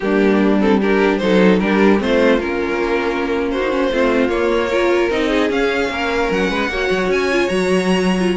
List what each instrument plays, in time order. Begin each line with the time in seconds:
0.00 cello G3, viola A#3, violin D4 G4
0.60 viola C4, violin A4
0.80 viola D4, violin G4 A#4
1.17 cello F#3, viola D#4, violin A4 C5
1.60 cello G3, viola D4, violin G4 A#4
1.98 cello A3, viola C4, violin F4 C5
2.39 cello A#3, viola C#4, violin A#4
3.50 violin F#4 C5
3.60 viola D#4
3.69 viola C#4
3.91 cello A3, viola C4, violin F4
4.28 cello A#3, viola A#3, violin C#5
4.69 viola F4, violin A#4
5.10 cello C4, viola D#4, violin D#5
5.29 violin G#4
5.50 cello C#4, viola C#4, violin F5
5.89 cello A#3, violin A#4
6.30 cello F#3, violin F#5
6.49 cello G#3, violin B4
6.68 cello A#3, viola F#4, violin C#5
6.90 cello F#3
7.08 cello C#4, violin G#5
7.31 viola F4
7.47 cello F#3, viola F#4, violin A#5
8.19 viola F4